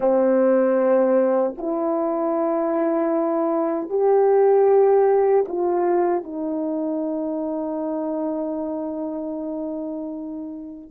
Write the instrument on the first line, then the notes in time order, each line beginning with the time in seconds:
horn
0.00 C4
1.57 E4
3.89 G4
5.48 F4
6.23 D#4